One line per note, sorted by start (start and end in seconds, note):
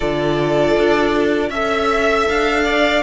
0.00 0.76 D3
0.00 1.52 F4
0.00 1.49 A4
0.00 1.52 D5
0.77 1.49 D4
1.49 2.25 C#4
1.49 3.02 A4
1.49 2.63 E5
1.49 2.28 E5
2.28 3.02 D4
2.28 3.02 F5
2.64 3.02 D5